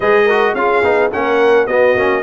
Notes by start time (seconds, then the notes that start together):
0.00 G#3 G#4 B4 D#5
0.25 F#4 A#4
0.54 C#4 F4 G#4 F5
0.83 B3 D#4
1.11 A#3 C#4 A#4 F#5
1.67 B3 F#4 D#5
1.95 A#3 C#4